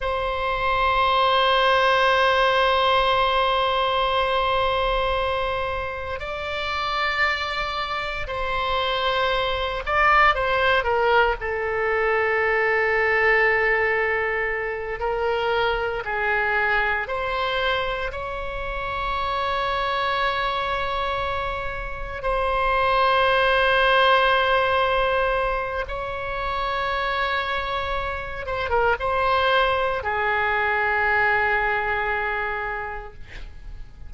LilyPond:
\new Staff \with { instrumentName = "oboe" } { \time 4/4 \tempo 4 = 58 c''1~ | c''2 d''2 | c''4. d''8 c''8 ais'8 a'4~ | a'2~ a'8 ais'4 gis'8~ |
gis'8 c''4 cis''2~ cis''8~ | cis''4. c''2~ c''8~ | c''4 cis''2~ cis''8 c''16 ais'16 | c''4 gis'2. | }